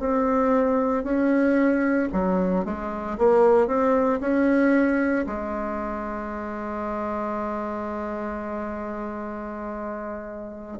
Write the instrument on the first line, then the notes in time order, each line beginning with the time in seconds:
bassoon
0.00 C4
1.04 C#4
2.13 F#3
2.65 G#3
3.18 A#3
3.67 C4
4.21 C#4
5.26 G#3